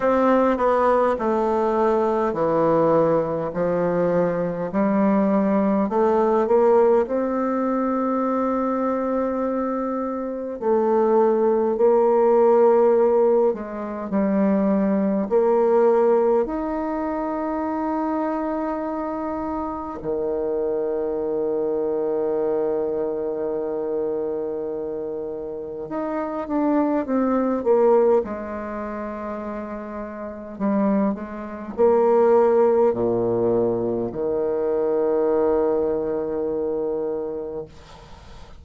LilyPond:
\new Staff \with { instrumentName = "bassoon" } { \time 4/4 \tempo 4 = 51 c'8 b8 a4 e4 f4 | g4 a8 ais8 c'2~ | c'4 a4 ais4. gis8 | g4 ais4 dis'2~ |
dis'4 dis2.~ | dis2 dis'8 d'8 c'8 ais8 | gis2 g8 gis8 ais4 | ais,4 dis2. | }